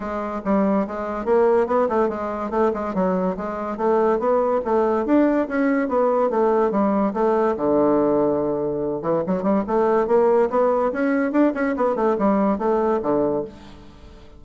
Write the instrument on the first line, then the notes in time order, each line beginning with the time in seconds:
bassoon
0.00 G#3
0.45 G3
0.87 G#3
1.25 A#3
1.66 B3
1.88 A3
2.08 G#3
2.50 A3
2.73 G#3
2.94 F#3
3.37 G#3
3.77 A3
4.19 B3
4.65 A3
5.05 D4
5.48 C#4
5.88 B3
6.30 A3
6.71 G3
7.13 A3
7.57 D3
9.02 E3
9.26 F#3
9.42 G3
9.67 A3
10.07 A#3
10.50 B3
10.92 C#4
11.32 D4
11.54 C#4
11.76 B3
11.95 A3
12.18 G3
12.58 A3
13.02 D3